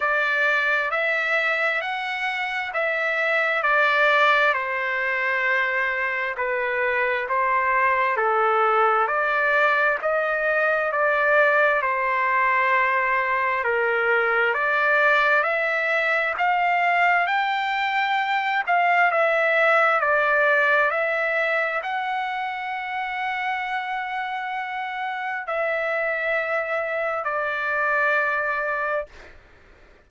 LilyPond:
\new Staff \with { instrumentName = "trumpet" } { \time 4/4 \tempo 4 = 66 d''4 e''4 fis''4 e''4 | d''4 c''2 b'4 | c''4 a'4 d''4 dis''4 | d''4 c''2 ais'4 |
d''4 e''4 f''4 g''4~ | g''8 f''8 e''4 d''4 e''4 | fis''1 | e''2 d''2 | }